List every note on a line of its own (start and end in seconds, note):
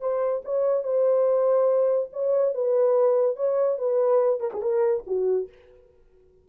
0.00 0.42 C5
0.44 0.83 C#5
0.83 2.09 C5
2.12 2.54 C#5
2.54 3.36 B4
3.36 3.78 C#5
3.78 4.40 B4
4.40 4.51 A#4
4.53 4.61 G#4
4.61 5.03 A#4
5.06 5.48 F#4